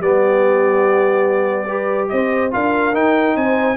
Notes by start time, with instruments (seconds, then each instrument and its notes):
0.00 tuba G3, trombone B3, horn G4, trumpet D5
1.68 trombone G4, horn B4
2.09 tuba C4, horn C5, trumpet D#5
2.51 tuba D4, trombone F4, horn A#4, trumpet F5
2.93 tuba D#4, trombone D#4, trumpet G5
3.36 tuba C4, horn C5, trumpet G#5